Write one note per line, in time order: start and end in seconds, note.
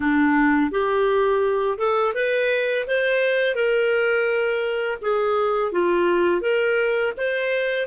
0.00 0.71 D4
0.71 1.78 G4
1.78 2.13 A4
2.14 2.85 B4
2.87 3.55 C5
3.55 4.98 A#4
5.01 5.71 G#4
5.71 6.41 F4
6.41 7.12 A#4
7.17 7.86 C5